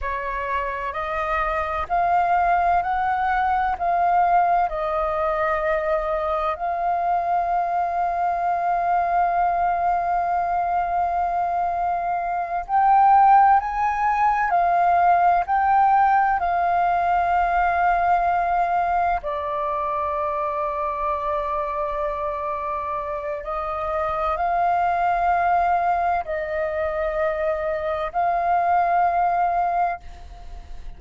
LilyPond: \new Staff \with { instrumentName = "flute" } { \time 4/4 \tempo 4 = 64 cis''4 dis''4 f''4 fis''4 | f''4 dis''2 f''4~ | f''1~ | f''4. g''4 gis''4 f''8~ |
f''8 g''4 f''2~ f''8~ | f''8 d''2.~ d''8~ | d''4 dis''4 f''2 | dis''2 f''2 | }